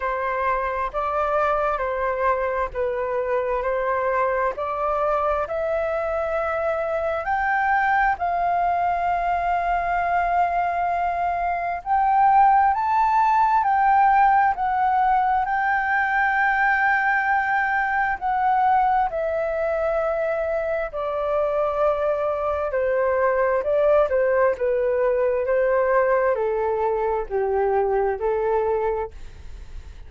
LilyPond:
\new Staff \with { instrumentName = "flute" } { \time 4/4 \tempo 4 = 66 c''4 d''4 c''4 b'4 | c''4 d''4 e''2 | g''4 f''2.~ | f''4 g''4 a''4 g''4 |
fis''4 g''2. | fis''4 e''2 d''4~ | d''4 c''4 d''8 c''8 b'4 | c''4 a'4 g'4 a'4 | }